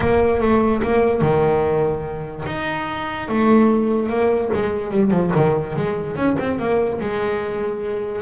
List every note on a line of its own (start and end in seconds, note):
0.00 0.40 A#3
0.40 0.81 A3
0.82 1.21 A#3
1.21 2.44 D#3
2.46 3.28 D#4
3.28 4.09 A3
4.09 4.50 A#3
4.53 4.91 G#3
4.91 5.10 G3
5.10 5.31 F3
5.35 5.76 D#3
5.76 6.16 G#3
6.16 6.36 C#4
6.39 6.59 C4
6.59 7.00 A#3
7.00 8.21 G#3